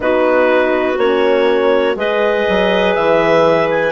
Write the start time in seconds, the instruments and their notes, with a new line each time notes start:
0.00 bassoon B3, horn D#4, clarinet F#4 B4
0.97 bassoon A#3, horn C#4, clarinet C#5
1.95 bassoon G#3, horn G#4, clarinet B4 D#5
2.49 bassoon F#3
2.94 bassoon E3, clarinet E5
3.70 clarinet G#5